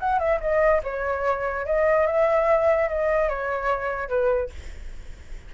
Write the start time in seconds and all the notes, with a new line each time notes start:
0.00 F#5
0.19 E5
0.41 D#5
0.83 C#5
1.66 D#5
2.06 E5
2.88 D#5
3.29 C#5
4.09 B4